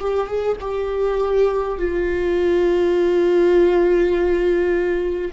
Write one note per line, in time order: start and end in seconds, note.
0.00 0.27 G4
0.27 0.57 G#4
0.61 1.79 G4
1.79 5.32 F4